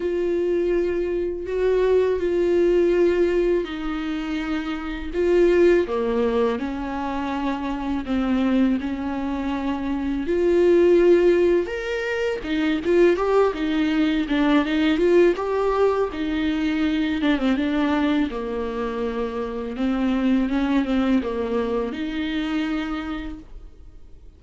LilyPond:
\new Staff \with { instrumentName = "viola" } { \time 4/4 \tempo 4 = 82 f'2 fis'4 f'4~ | f'4 dis'2 f'4 | ais4 cis'2 c'4 | cis'2 f'2 |
ais'4 dis'8 f'8 g'8 dis'4 d'8 | dis'8 f'8 g'4 dis'4. d'16 c'16 | d'4 ais2 c'4 | cis'8 c'8 ais4 dis'2 | }